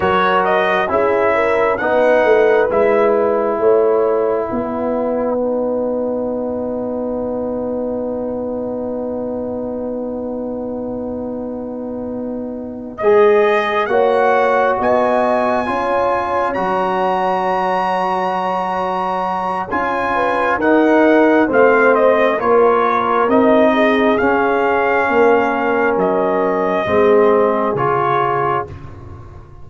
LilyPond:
<<
  \new Staff \with { instrumentName = "trumpet" } { \time 4/4 \tempo 4 = 67 cis''8 dis''8 e''4 fis''4 e''8 fis''8~ | fis''1~ | fis''1~ | fis''2~ fis''8 dis''4 fis''8~ |
fis''8 gis''2 ais''4.~ | ais''2 gis''4 fis''4 | f''8 dis''8 cis''4 dis''4 f''4~ | f''4 dis''2 cis''4 | }
  \new Staff \with { instrumentName = "horn" } { \time 4/4 ais'4 gis'8 ais'8 b'2 | cis''4 b'2.~ | b'1~ | b'2.~ b'8 cis''8~ |
cis''8 dis''4 cis''2~ cis''8~ | cis''2~ cis''8 b'8 ais'4 | c''4 ais'4. gis'4. | ais'2 gis'2 | }
  \new Staff \with { instrumentName = "trombone" } { \time 4/4 fis'4 e'4 dis'4 e'4~ | e'2 dis'2~ | dis'1~ | dis'2~ dis'8 gis'4 fis'8~ |
fis'4. f'4 fis'4.~ | fis'2 f'4 dis'4 | c'4 f'4 dis'4 cis'4~ | cis'2 c'4 f'4 | }
  \new Staff \with { instrumentName = "tuba" } { \time 4/4 fis4 cis'4 b8 a8 gis4 | a4 b2.~ | b1~ | b2~ b8 gis4 ais8~ |
ais8 b4 cis'4 fis4.~ | fis2 cis'4 dis'4 | a4 ais4 c'4 cis'4 | ais4 fis4 gis4 cis4 | }
>>